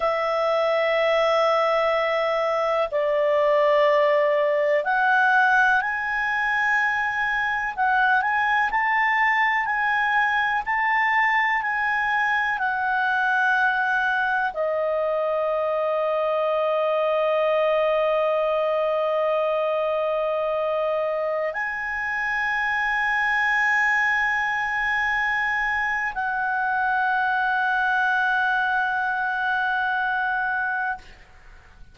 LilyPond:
\new Staff \with { instrumentName = "clarinet" } { \time 4/4 \tempo 4 = 62 e''2. d''4~ | d''4 fis''4 gis''2 | fis''8 gis''8 a''4 gis''4 a''4 | gis''4 fis''2 dis''4~ |
dis''1~ | dis''2~ dis''16 gis''4.~ gis''16~ | gis''2. fis''4~ | fis''1 | }